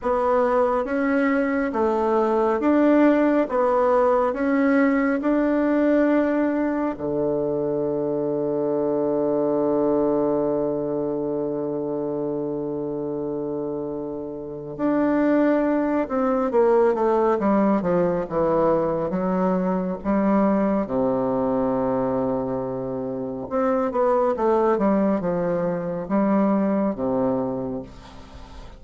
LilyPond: \new Staff \with { instrumentName = "bassoon" } { \time 4/4 \tempo 4 = 69 b4 cis'4 a4 d'4 | b4 cis'4 d'2 | d1~ | d1~ |
d4 d'4. c'8 ais8 a8 | g8 f8 e4 fis4 g4 | c2. c'8 b8 | a8 g8 f4 g4 c4 | }